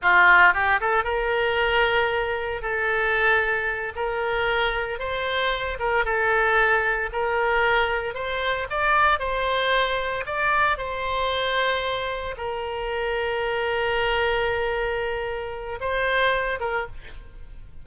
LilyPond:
\new Staff \with { instrumentName = "oboe" } { \time 4/4 \tempo 4 = 114 f'4 g'8 a'8 ais'2~ | ais'4 a'2~ a'8 ais'8~ | ais'4. c''4. ais'8 a'8~ | a'4. ais'2 c''8~ |
c''8 d''4 c''2 d''8~ | d''8 c''2. ais'8~ | ais'1~ | ais'2 c''4. ais'8 | }